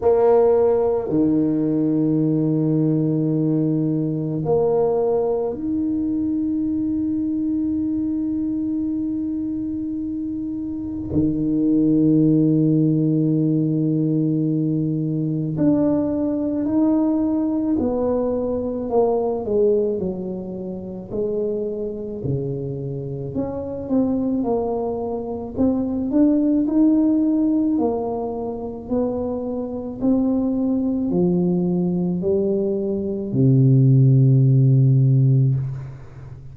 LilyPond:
\new Staff \with { instrumentName = "tuba" } { \time 4/4 \tempo 4 = 54 ais4 dis2. | ais4 dis'2.~ | dis'2 dis2~ | dis2 d'4 dis'4 |
b4 ais8 gis8 fis4 gis4 | cis4 cis'8 c'8 ais4 c'8 d'8 | dis'4 ais4 b4 c'4 | f4 g4 c2 | }